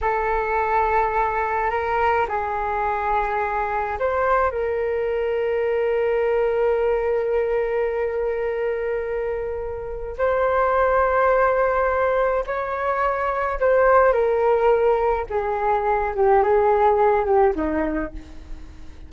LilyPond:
\new Staff \with { instrumentName = "flute" } { \time 4/4 \tempo 4 = 106 a'2. ais'4 | gis'2. c''4 | ais'1~ | ais'1~ |
ais'2 c''2~ | c''2 cis''2 | c''4 ais'2 gis'4~ | gis'8 g'8 gis'4. g'8 dis'4 | }